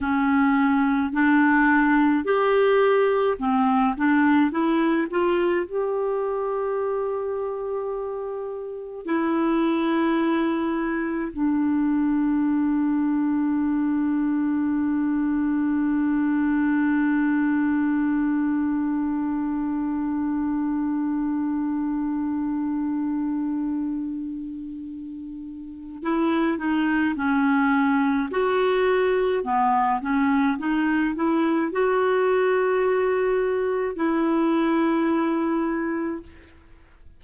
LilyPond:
\new Staff \with { instrumentName = "clarinet" } { \time 4/4 \tempo 4 = 53 cis'4 d'4 g'4 c'8 d'8 | e'8 f'8 g'2. | e'2 d'2~ | d'1~ |
d'1~ | d'2. e'8 dis'8 | cis'4 fis'4 b8 cis'8 dis'8 e'8 | fis'2 e'2 | }